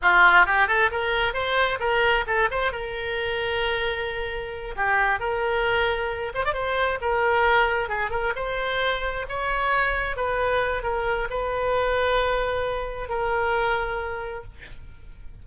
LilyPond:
\new Staff \with { instrumentName = "oboe" } { \time 4/4 \tempo 4 = 133 f'4 g'8 a'8 ais'4 c''4 | ais'4 a'8 c''8 ais'2~ | ais'2~ ais'8 g'4 ais'8~ | ais'2 c''16 d''16 c''4 ais'8~ |
ais'4. gis'8 ais'8 c''4.~ | c''8 cis''2 b'4. | ais'4 b'2.~ | b'4 ais'2. | }